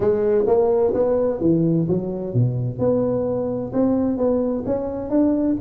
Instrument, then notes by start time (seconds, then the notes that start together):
tuba
0.00 G#3
0.47 A#3
0.93 B3
1.40 E3
1.88 F#3
2.34 B2
2.78 B3
3.72 C4
4.17 B3
4.66 C#4
5.10 D4